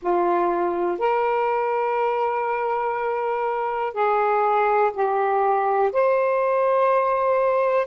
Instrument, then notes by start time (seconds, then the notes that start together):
saxophone
0.02 F4
0.98 A#4
3.93 G#4
4.93 G4
5.92 C5